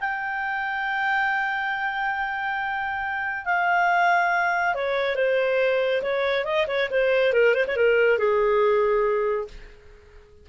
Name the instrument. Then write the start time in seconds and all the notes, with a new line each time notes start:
clarinet
0.00 G5
3.45 F5
4.74 C#5
5.15 C5
6.02 C#5
6.44 D#5
6.67 C#5
6.90 C5
7.33 A#4
7.54 C5
7.67 C#5
7.76 A#4
8.18 G#4